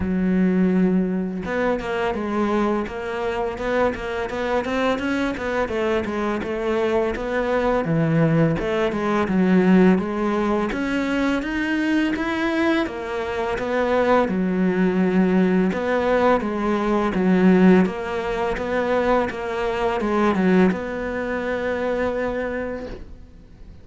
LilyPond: \new Staff \with { instrumentName = "cello" } { \time 4/4 \tempo 4 = 84 fis2 b8 ais8 gis4 | ais4 b8 ais8 b8 c'8 cis'8 b8 | a8 gis8 a4 b4 e4 | a8 gis8 fis4 gis4 cis'4 |
dis'4 e'4 ais4 b4 | fis2 b4 gis4 | fis4 ais4 b4 ais4 | gis8 fis8 b2. | }